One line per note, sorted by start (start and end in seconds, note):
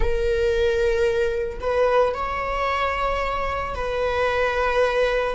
0.00 1.58 A#4
1.60 2.14 B4
2.14 3.75 C#5
3.75 5.35 B4